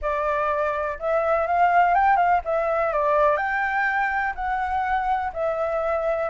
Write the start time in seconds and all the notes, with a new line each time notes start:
0.01 D5
0.99 E5
1.46 F5
1.94 G5
2.16 F5
2.44 E5
2.92 D5
3.36 G5
4.35 F#5
5.33 E5